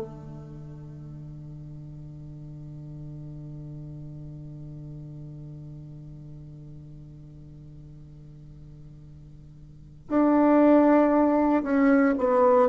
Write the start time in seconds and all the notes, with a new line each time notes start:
0.00 D3
10.09 D4
11.64 C#4
12.18 B3